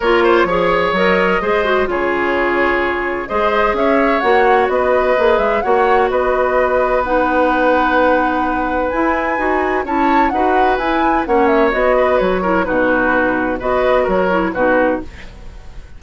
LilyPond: <<
  \new Staff \with { instrumentName = "flute" } { \time 4/4 \tempo 4 = 128 cis''2 dis''2 | cis''2. dis''4 | e''4 fis''4 dis''4. e''8 | fis''4 dis''2 fis''4~ |
fis''2. gis''4~ | gis''4 a''4 fis''4 gis''4 | fis''8 e''8 dis''4 cis''4 b'4~ | b'4 dis''4 cis''4 b'4 | }
  \new Staff \with { instrumentName = "oboe" } { \time 4/4 ais'8 c''8 cis''2 c''4 | gis'2. c''4 | cis''2 b'2 | cis''4 b'2.~ |
b'1~ | b'4 cis''4 b'2 | cis''4. b'4 ais'8 fis'4~ | fis'4 b'4 ais'4 fis'4 | }
  \new Staff \with { instrumentName = "clarinet" } { \time 4/4 f'4 gis'4 ais'4 gis'8 fis'8 | f'2. gis'4~ | gis'4 fis'2 gis'4 | fis'2. dis'4~ |
dis'2. e'4 | fis'4 e'4 fis'4 e'4 | cis'4 fis'4. e'8 dis'4~ | dis'4 fis'4. e'8 dis'4 | }
  \new Staff \with { instrumentName = "bassoon" } { \time 4/4 ais4 f4 fis4 gis4 | cis2. gis4 | cis'4 ais4 b4 ais8 gis8 | ais4 b2.~ |
b2. e'4 | dis'4 cis'4 dis'4 e'4 | ais4 b4 fis4 b,4~ | b,4 b4 fis4 b,4 | }
>>